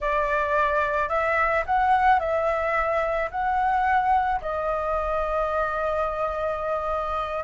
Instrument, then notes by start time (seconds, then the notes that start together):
flute
0.01 D5
1.09 E5
1.65 F#5
2.19 E5
3.30 F#5
4.41 D#5